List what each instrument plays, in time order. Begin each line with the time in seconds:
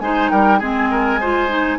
0.00 bassoon G#3, clarinet D#4, oboe C5, flute G#5
0.30 bassoon G3, oboe A#4, flute G5
0.59 bassoon G#3, clarinet C4, oboe G#4, flute G#5
0.91 oboe A#4
1.21 clarinet F4, oboe C5
1.49 clarinet D#4